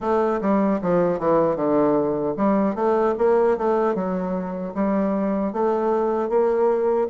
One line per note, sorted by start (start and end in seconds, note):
0.00 0.40 A3
0.41 0.80 G3
0.81 1.19 F3
1.19 1.56 E3
1.56 2.35 D3
2.36 2.75 G3
2.75 3.14 A3
3.18 3.57 A#3
3.57 3.94 A3
3.94 4.73 F#3
4.74 5.52 G3
5.52 6.29 A3
6.29 7.08 A#3